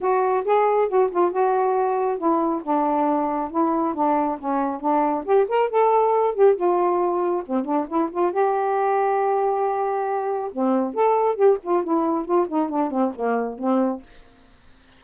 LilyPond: \new Staff \with { instrumentName = "saxophone" } { \time 4/4 \tempo 4 = 137 fis'4 gis'4 fis'8 f'8 fis'4~ | fis'4 e'4 d'2 | e'4 d'4 cis'4 d'4 | g'8 ais'8 a'4. g'8 f'4~ |
f'4 c'8 d'8 e'8 f'8 g'4~ | g'1 | c'4 a'4 g'8 f'8 e'4 | f'8 dis'8 d'8 c'8 ais4 c'4 | }